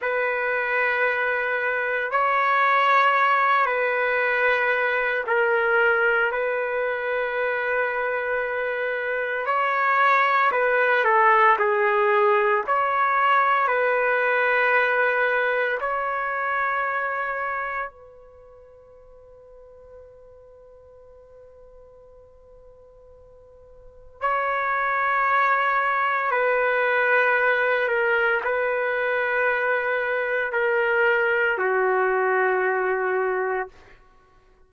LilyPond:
\new Staff \with { instrumentName = "trumpet" } { \time 4/4 \tempo 4 = 57 b'2 cis''4. b'8~ | b'4 ais'4 b'2~ | b'4 cis''4 b'8 a'8 gis'4 | cis''4 b'2 cis''4~ |
cis''4 b'2.~ | b'2. cis''4~ | cis''4 b'4. ais'8 b'4~ | b'4 ais'4 fis'2 | }